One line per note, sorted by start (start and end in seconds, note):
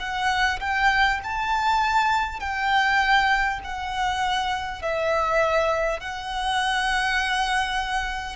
0.00 0.60 F#5
0.60 1.20 G5
1.24 2.40 A5
2.40 3.60 G5
3.64 4.82 F#5
4.82 6.01 E5
6.01 8.36 F#5